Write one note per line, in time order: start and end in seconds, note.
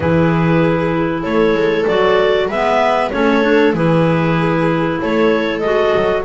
0.00 1.24 E3
0.00 1.87 E4
0.00 1.23 G#4
0.00 1.23 B4
1.23 1.54 A3
1.23 2.48 A4
1.23 1.85 C#5
1.54 1.85 G#3
1.87 2.48 F#3
1.87 2.50 F#4
1.87 2.49 D5
2.48 3.11 G#3
2.48 3.11 B3
2.48 3.10 B4
2.48 3.11 E5
3.11 3.72 A3
3.11 3.42 C#4
3.11 3.75 A4
3.11 3.73 C#5
3.42 3.73 D4
3.72 4.97 E3
3.72 5.62 E4
3.72 5.00 G#4
3.72 5.00 B4
5.01 5.61 A3
5.01 6.25 A4
5.01 5.59 C#5
5.59 5.93 G#3
5.59 6.25 F#4
5.59 6.22 D#5
5.95 6.25 F#3